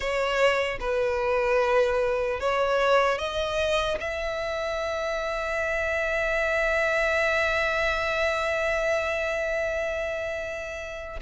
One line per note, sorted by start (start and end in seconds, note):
0.00 0.78 C#5
0.80 2.40 B4
2.40 3.18 C#5
3.18 3.98 D#5
4.00 11.20 E5